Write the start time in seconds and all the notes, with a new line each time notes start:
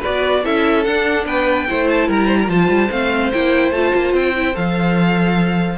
0.00 F#4 B4 D5
0.07 B3
0.44 C#4 E4 A4 E5
0.84 D4 F#5
1.26 B3 B4 G5
1.68 A3 E4 C5
1.88 A5
2.07 G3 A#4 A#5
2.27 C5
2.40 A#4
2.47 F3 F4 C5 A5
2.68 G3
2.91 A3 C4 F5
3.33 A#3 E4 G5
3.71 A3 F4 A5
3.95 A#3
4.13 C4 G5
4.36 E4
4.53 F3 A4 F5